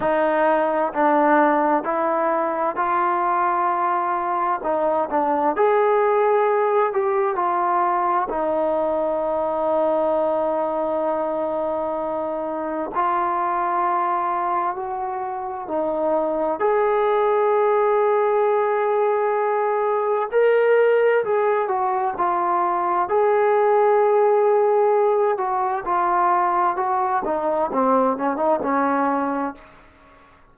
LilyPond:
\new Staff \with { instrumentName = "trombone" } { \time 4/4 \tempo 4 = 65 dis'4 d'4 e'4 f'4~ | f'4 dis'8 d'8 gis'4. g'8 | f'4 dis'2.~ | dis'2 f'2 |
fis'4 dis'4 gis'2~ | gis'2 ais'4 gis'8 fis'8 | f'4 gis'2~ gis'8 fis'8 | f'4 fis'8 dis'8 c'8 cis'16 dis'16 cis'4 | }